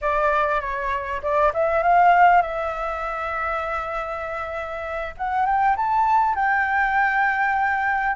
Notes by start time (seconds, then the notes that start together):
0.01 D5
0.60 C#5
1.22 D5
1.53 E5
1.83 F5
2.41 E5
5.17 F#5
5.45 G5
5.76 A5
6.35 G5